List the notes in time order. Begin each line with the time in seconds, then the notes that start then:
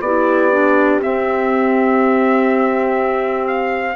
0.00 B3 E4 G4 D5
0.51 D4
1.00 C4 E5
3.47 F5